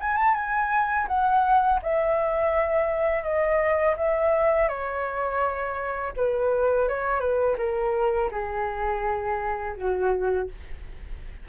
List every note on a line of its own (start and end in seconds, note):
0.00 0.16 G#5
0.16 0.34 A5
0.34 1.06 G#5
1.07 1.80 F#5
1.82 3.23 E5
3.23 3.95 D#5
3.96 4.68 E5
4.68 6.12 C#5
6.16 6.88 B4
6.88 7.20 C#5
7.20 7.56 B4
7.57 8.30 A#4
8.31 9.75 G#4
9.76 10.48 F#4